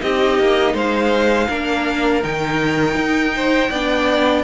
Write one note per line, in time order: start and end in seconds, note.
0.00 0.38 C4
0.00 1.48 D#4
0.00 0.74 G4
0.00 0.75 D#5
0.38 0.74 A#3
0.74 1.48 G#3
0.74 1.48 C5
0.74 2.23 F5
1.49 2.23 A#3
1.49 2.23 D4
1.49 3.34 A#4
2.23 2.96 D#3
2.23 3.71 D#4
2.23 4.44 G5
2.96 3.70 D#4
3.36 3.70 C5
3.70 4.44 B3
3.70 4.44 D4
3.70 4.44 D5